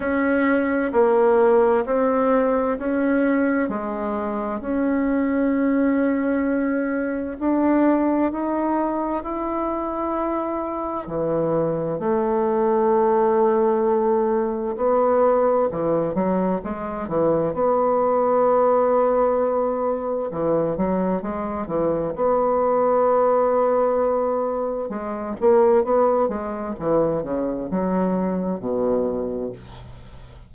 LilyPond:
\new Staff \with { instrumentName = "bassoon" } { \time 4/4 \tempo 4 = 65 cis'4 ais4 c'4 cis'4 | gis4 cis'2. | d'4 dis'4 e'2 | e4 a2. |
b4 e8 fis8 gis8 e8 b4~ | b2 e8 fis8 gis8 e8 | b2. gis8 ais8 | b8 gis8 e8 cis8 fis4 b,4 | }